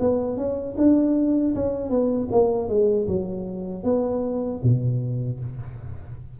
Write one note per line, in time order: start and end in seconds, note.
0.00 0.37 B3
0.37 0.76 C#4
0.78 1.55 D4
1.55 1.90 C#4
1.90 2.28 B3
2.31 2.69 A#3
2.69 3.07 G#3
3.08 3.84 F#3
3.84 4.60 B3
4.63 5.40 B2